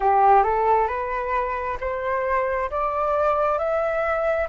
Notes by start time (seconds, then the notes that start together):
0.00 G4
0.43 A4
0.87 B4
1.80 C5
2.70 D5
3.58 E5